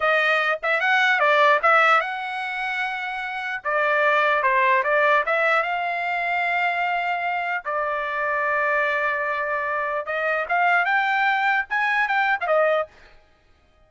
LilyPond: \new Staff \with { instrumentName = "trumpet" } { \time 4/4 \tempo 4 = 149 dis''4. e''8 fis''4 d''4 | e''4 fis''2.~ | fis''4 d''2 c''4 | d''4 e''4 f''2~ |
f''2. d''4~ | d''1~ | d''4 dis''4 f''4 g''4~ | g''4 gis''4 g''8. f''16 dis''4 | }